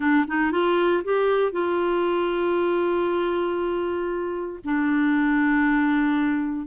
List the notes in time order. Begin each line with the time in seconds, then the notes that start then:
0.00 D4
0.27 D#4
0.51 F4
1.04 G4
1.52 F4
4.64 D4